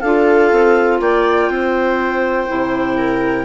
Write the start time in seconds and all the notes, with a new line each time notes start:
0.00 D4 F4 A4 F5
0.51 C4
1.00 A#3 D5 G5
1.49 C4 C5
2.48 C3 E4
2.97 A#4